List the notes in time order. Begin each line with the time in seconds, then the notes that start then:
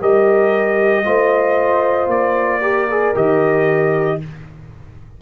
0.00 G3 G4 A#4 D#5
1.05 A3 F4 C5
2.07 A#3 D5
2.61 G4 A#4
2.91 G#4
3.15 D#3 G4 D#5